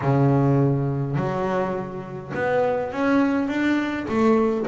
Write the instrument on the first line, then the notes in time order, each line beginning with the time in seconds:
double bass
0.01 C#3
1.15 F#3
2.34 B3
2.92 C#4
3.48 D4
4.08 A3